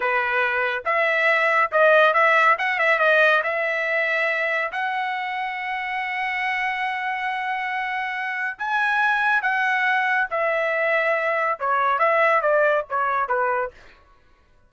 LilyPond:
\new Staff \with { instrumentName = "trumpet" } { \time 4/4 \tempo 4 = 140 b'2 e''2 | dis''4 e''4 fis''8 e''8 dis''4 | e''2. fis''4~ | fis''1~ |
fis''1 | gis''2 fis''2 | e''2. cis''4 | e''4 d''4 cis''4 b'4 | }